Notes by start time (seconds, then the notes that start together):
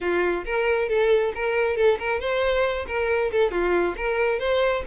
0.00 F4
0.45 A#4
0.88 A4
1.34 A#4
1.76 A4
1.99 A#4
2.20 C5
2.87 A#4
3.31 A4
3.51 F4
3.96 A#4
4.39 C5